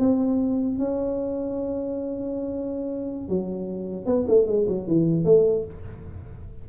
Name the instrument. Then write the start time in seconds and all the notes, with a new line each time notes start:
tuba
0.00 C4
0.79 C#4
3.29 F#3
4.06 B3
4.28 A3
4.47 G#3
4.69 F#3
4.88 E3
5.25 A3